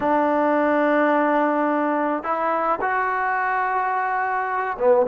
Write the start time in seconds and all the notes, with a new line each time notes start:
0.00 D4
2.23 E4
2.81 F#4
4.78 B3